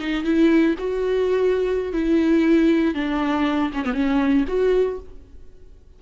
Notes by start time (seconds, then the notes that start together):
0.00 D#4
0.24 E4
0.79 F#4
1.93 E4
2.94 D4
3.74 C#4
3.85 B3
3.94 C#4
4.48 F#4